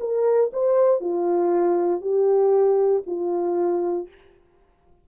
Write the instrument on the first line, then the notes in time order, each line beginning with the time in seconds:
horn
0.00 A#4
0.53 C5
1.01 F4
2.01 G4
3.06 F4